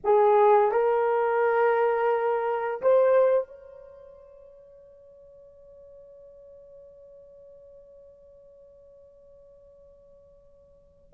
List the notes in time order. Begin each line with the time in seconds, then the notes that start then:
0.04 G#4
0.71 A#4
2.81 C5
3.47 C#5